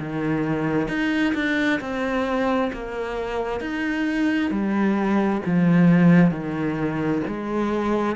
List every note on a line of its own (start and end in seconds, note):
0.00 0.88 D#3
0.88 1.34 D#4
1.35 1.81 D4
1.81 2.71 C4
2.74 3.61 A#3
3.61 4.51 D#4
4.51 5.42 G3
5.46 6.31 F3
6.31 7.22 D#3
7.28 8.17 G#3